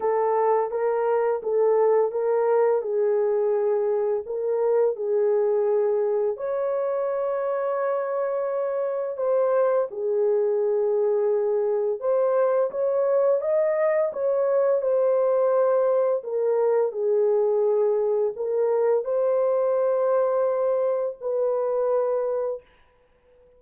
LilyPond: \new Staff \with { instrumentName = "horn" } { \time 4/4 \tempo 4 = 85 a'4 ais'4 a'4 ais'4 | gis'2 ais'4 gis'4~ | gis'4 cis''2.~ | cis''4 c''4 gis'2~ |
gis'4 c''4 cis''4 dis''4 | cis''4 c''2 ais'4 | gis'2 ais'4 c''4~ | c''2 b'2 | }